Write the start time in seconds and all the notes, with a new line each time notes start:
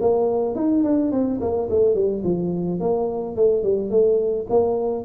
0.00 A#3
0.55 D#4
0.83 D4
1.11 C4
1.40 A#3
1.70 A3
1.94 G3
2.24 F3
2.80 A#3
3.35 A3
3.63 G3
3.90 A3
4.49 A#3